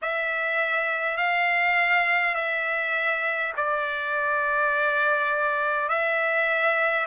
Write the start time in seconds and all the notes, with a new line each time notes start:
0.02 E5
1.17 F5
2.35 E5
3.56 D5
5.88 E5